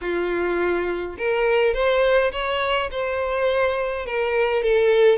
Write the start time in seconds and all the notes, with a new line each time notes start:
0.01 F4
1.17 A#4
1.74 C5
2.32 C#5
2.91 C5
4.06 A#4
4.62 A4